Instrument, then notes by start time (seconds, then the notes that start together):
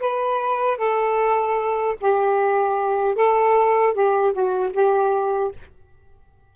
saxophone
0.00 B4
0.77 A4
2.01 G4
3.15 A4
3.93 G4
4.32 F#4
4.73 G4